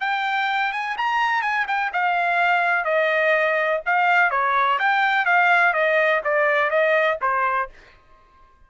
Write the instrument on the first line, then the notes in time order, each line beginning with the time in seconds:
trumpet
0.00 G5
0.72 G#5
0.97 A#5
1.41 G#5
1.67 G5
1.93 F5
2.85 D#5
3.86 F5
4.30 C#5
4.79 G5
5.25 F5
5.73 D#5
6.24 D5
6.70 D#5
7.21 C5